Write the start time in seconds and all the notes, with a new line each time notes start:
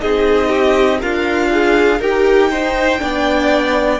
0.00 C4 D#4 G#4 D#5
0.48 G4
0.99 D4 F4 A#4 F5
1.50 G#4
1.98 D#4 G4 A#4 G5
2.50 D#4 C5
2.99 B3 D4 D5